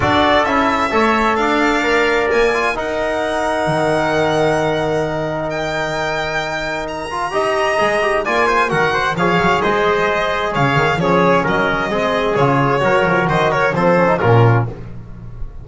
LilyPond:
<<
  \new Staff \with { instrumentName = "violin" } { \time 4/4 \tempo 4 = 131 d''4 e''2 f''4~ | f''4 gis''4 fis''2~ | fis''1 | g''2. ais''4~ |
ais''2 gis''4 fis''4 | f''4 dis''2 f''4 | cis''4 dis''2 cis''4~ | cis''4 dis''8 cis''8 c''4 ais'4 | }
  \new Staff \with { instrumentName = "trumpet" } { \time 4/4 a'2 cis''4 d''4~ | d''2 ais'2~ | ais'1~ | ais'1 |
dis''2 d''8 c''8 ais'8 c''8 | cis''4 c''2 cis''4 | gis'4 ais'4 gis'2 | ais'4 c''8 ais'8 a'4 f'4 | }
  \new Staff \with { instrumentName = "trombone" } { \time 4/4 fis'4 e'4 a'2 | ais'4. f'8 dis'2~ | dis'1~ | dis'2.~ dis'8 f'8 |
g'4 gis'8 g'8 f'4 fis'4 | gis'1 | cis'2 c'4 f'4 | fis'2 c'8 cis'16 dis'16 cis'4 | }
  \new Staff \with { instrumentName = "double bass" } { \time 4/4 d'4 cis'4 a4 d'4~ | d'4 ais4 dis'2 | dis1~ | dis1 |
dis'4 gis4 ais4 dis4 | f8 fis8 gis2 cis8 dis8 | f4 fis4 gis4 cis4 | fis8 f8 dis4 f4 ais,4 | }
>>